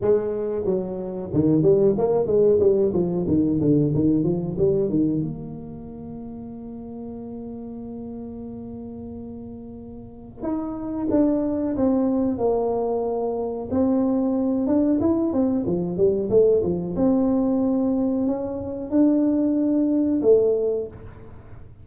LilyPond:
\new Staff \with { instrumentName = "tuba" } { \time 4/4 \tempo 4 = 92 gis4 fis4 dis8 g8 ais8 gis8 | g8 f8 dis8 d8 dis8 f8 g8 dis8 | ais1~ | ais1 |
dis'4 d'4 c'4 ais4~ | ais4 c'4. d'8 e'8 c'8 | f8 g8 a8 f8 c'2 | cis'4 d'2 a4 | }